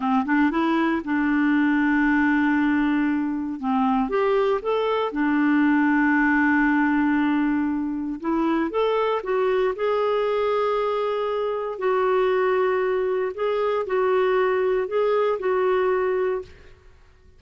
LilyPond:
\new Staff \with { instrumentName = "clarinet" } { \time 4/4 \tempo 4 = 117 c'8 d'8 e'4 d'2~ | d'2. c'4 | g'4 a'4 d'2~ | d'1 |
e'4 a'4 fis'4 gis'4~ | gis'2. fis'4~ | fis'2 gis'4 fis'4~ | fis'4 gis'4 fis'2 | }